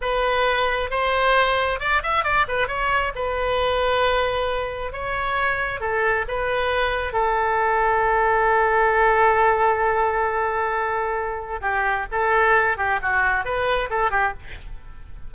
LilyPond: \new Staff \with { instrumentName = "oboe" } { \time 4/4 \tempo 4 = 134 b'2 c''2 | d''8 e''8 d''8 b'8 cis''4 b'4~ | b'2. cis''4~ | cis''4 a'4 b'2 |
a'1~ | a'1~ | a'2 g'4 a'4~ | a'8 g'8 fis'4 b'4 a'8 g'8 | }